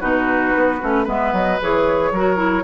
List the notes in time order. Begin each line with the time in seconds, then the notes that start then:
0.00 B2 D#4 F#4 B4
0.55 B3
0.81 A3 C#4
1.04 G#3 B3 B4 E5
1.32 F#3 D#5
1.61 E3 G#4 C#5
2.12 F#3 F#4 A#4
2.36 E4